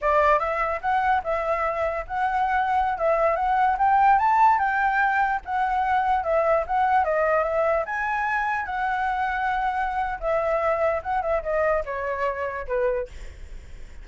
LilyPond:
\new Staff \with { instrumentName = "flute" } { \time 4/4 \tempo 4 = 147 d''4 e''4 fis''4 e''4~ | e''4 fis''2~ fis''16 e''8.~ | e''16 fis''4 g''4 a''4 g''8.~ | g''4~ g''16 fis''2 e''8.~ |
e''16 fis''4 dis''4 e''4 gis''8.~ | gis''4~ gis''16 fis''2~ fis''8.~ | fis''4 e''2 fis''8 e''8 | dis''4 cis''2 b'4 | }